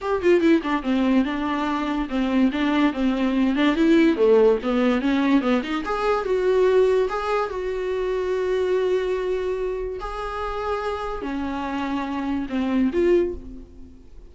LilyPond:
\new Staff \with { instrumentName = "viola" } { \time 4/4 \tempo 4 = 144 g'8 f'8 e'8 d'8 c'4 d'4~ | d'4 c'4 d'4 c'4~ | c'8 d'8 e'4 a4 b4 | cis'4 b8 dis'8 gis'4 fis'4~ |
fis'4 gis'4 fis'2~ | fis'1 | gis'2. cis'4~ | cis'2 c'4 f'4 | }